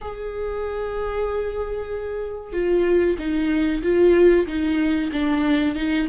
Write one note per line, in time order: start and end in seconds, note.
0.01 2.52 G#4
2.52 3.16 F4
3.18 3.82 D#4
3.82 4.46 F4
4.47 5.10 D#4
5.12 5.75 D4
5.75 6.07 D#4